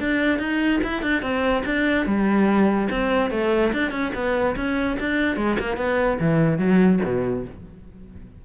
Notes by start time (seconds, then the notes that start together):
0.00 D4
0.39 D#4
0.84 E4
1.02 D4
1.22 C4
1.65 D4
2.06 G3
2.90 C4
3.30 A3
3.73 D4
3.91 C#4
4.14 B3
4.56 C#4
5.00 D4
5.36 G#3
5.59 A#3
5.77 B3
6.20 E3
6.58 F#3
7.04 B2